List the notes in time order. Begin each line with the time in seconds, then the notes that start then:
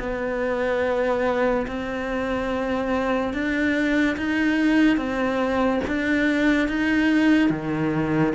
0.00 B3
1.67 C4
3.34 D4
4.17 D#4
4.97 C4
5.88 D4
6.69 D#4
7.50 D#3